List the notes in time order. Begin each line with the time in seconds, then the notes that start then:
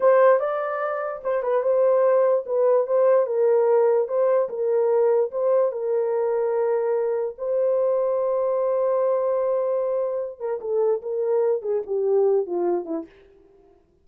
0.00 C5
0.39 D5
1.23 C5
1.42 B4
1.63 C5
2.46 B4
2.87 C5
3.26 A#4
4.08 C5
4.49 A#4
5.31 C5
5.72 A#4
7.38 C5
10.39 A#4
10.60 A4
11.01 A#4
11.62 G#4
11.86 G4
12.46 F4
12.85 E4